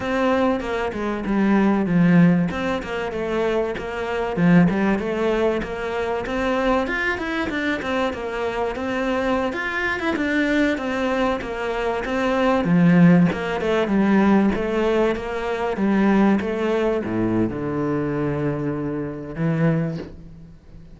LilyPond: \new Staff \with { instrumentName = "cello" } { \time 4/4 \tempo 4 = 96 c'4 ais8 gis8 g4 f4 | c'8 ais8 a4 ais4 f8 g8 | a4 ais4 c'4 f'8 e'8 | d'8 c'8 ais4 c'4~ c'16 f'8. |
e'16 d'4 c'4 ais4 c'8.~ | c'16 f4 ais8 a8 g4 a8.~ | a16 ais4 g4 a4 a,8. | d2. e4 | }